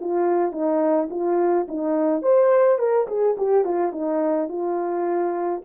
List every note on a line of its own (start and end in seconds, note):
0.00 0.51 F4
0.51 1.08 D#4
1.10 1.66 F4
1.68 2.22 D#4
2.22 2.78 C5
2.78 3.07 A#4
3.07 3.35 G#4
3.37 3.64 G4
3.64 3.92 F4
3.92 4.48 D#4
4.48 5.61 F4